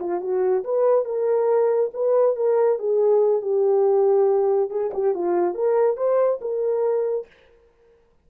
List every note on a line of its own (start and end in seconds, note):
0.00 0.21 F4
0.21 0.64 F#4
0.64 1.05 B4
1.05 1.91 A#4
1.94 2.36 B4
2.36 2.79 A#4
2.79 3.42 G#4
3.42 4.70 G4
4.70 4.91 G#4
4.94 5.15 G4
5.15 5.55 F4
5.55 5.97 A#4
5.97 6.40 C5
6.41 7.27 A#4